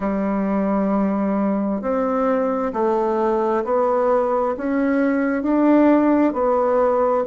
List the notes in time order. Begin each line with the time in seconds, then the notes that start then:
0.00 G3
1.81 C4
2.73 A3
3.64 B3
4.57 C#4
5.43 D4
6.33 B3